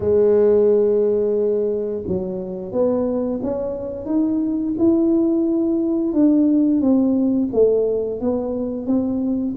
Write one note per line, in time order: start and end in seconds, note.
0.00 2.03 G#3
2.07 2.71 F#3
2.71 3.40 B3
3.42 4.05 C#4
4.05 4.74 D#4
4.78 6.13 E4
6.13 6.80 D4
6.80 7.48 C4
7.52 8.20 A3
8.20 8.86 B3
8.86 9.54 C4